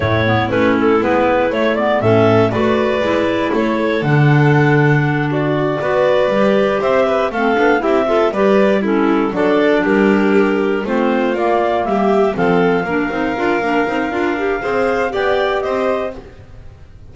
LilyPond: <<
  \new Staff \with { instrumentName = "clarinet" } { \time 4/4 \tempo 4 = 119 cis''4 b'8 a'8 b'4 cis''8 d''8 | e''4 d''2 cis''4 | fis''2~ fis''8 d''4.~ | d''4. e''4 f''4 e''8~ |
e''8 d''4 a'4 d''4 ais'8~ | ais'4. c''4 d''4 e''8~ | e''8 f''2.~ f''8~ | f''2 g''4 dis''4 | }
  \new Staff \with { instrumentName = "violin" } { \time 4/4 e'1 | a'4 b'2 a'4~ | a'2~ a'8 fis'4 b'8~ | b'4. c''8 b'8 a'4 g'8 |
a'8 b'4 e'4 a'4 g'8~ | g'4. f'2 g'8~ | g'8 a'4 ais'2~ ais'8~ | ais'4 c''4 d''4 c''4 | }
  \new Staff \with { instrumentName = "clarinet" } { \time 4/4 a8 b8 cis'4 b4 a8 b8 | cis'4 fis'4 e'2 | d'2.~ d'8 fis'8~ | fis'8 g'2 c'8 d'8 e'8 |
f'8 g'4 cis'4 d'4.~ | d'4. c'4 ais4.~ | ais8 c'4 d'8 dis'8 f'8 d'8 dis'8 | f'8 g'8 gis'4 g'2 | }
  \new Staff \with { instrumentName = "double bass" } { \time 4/4 a,4 a4 gis4 a4 | a,4 a4 gis4 a4 | d2.~ d8 b8~ | b8 g4 c'4 a8 b8 c'8~ |
c'8 g2 fis4 g8~ | g4. a4 ais4 g8~ | g8 f4 ais8 c'8 d'8 ais8 c'8 | d'4 c'4 b4 c'4 | }
>>